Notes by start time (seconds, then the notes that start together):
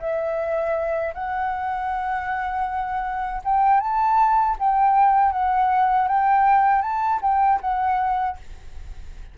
0.00 E5
1.15 F#5
3.45 G5
3.80 A5
4.59 G5
5.32 F#5
6.08 G5
6.82 A5
7.22 G5
7.62 F#5